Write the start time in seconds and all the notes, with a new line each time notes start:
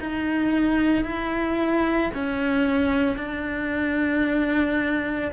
0.00 D#4
1.04 E4
2.14 C#4
3.17 D4